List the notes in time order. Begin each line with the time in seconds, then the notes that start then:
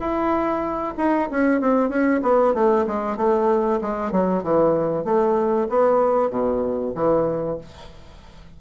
0.00 E4
0.98 D#4
1.31 C#4
1.61 C4
1.90 C#4
2.23 B3
2.54 A3
2.87 G#3
3.17 A3
3.82 G#3
4.12 F#3
4.44 E3
5.05 A3
5.70 B3
6.30 B2
6.95 E3